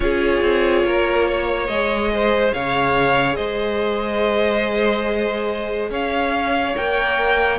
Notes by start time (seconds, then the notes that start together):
0.00 C#4 F4 G#4 C#5
0.41 C4
0.84 A#3 A#4
1.27 C#5
1.67 G#3 G#4 D#5
2.13 C5
2.53 C#3 C#5 F5
3.36 G#3 C5 D#5
5.90 C#4 C#5 F5
6.75 A#3 A#4 G5